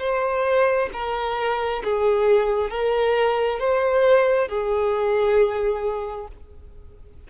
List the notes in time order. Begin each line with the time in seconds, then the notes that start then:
0.00 C5
0.93 A#4
1.84 G#4
2.70 A#4
3.60 C5
4.48 G#4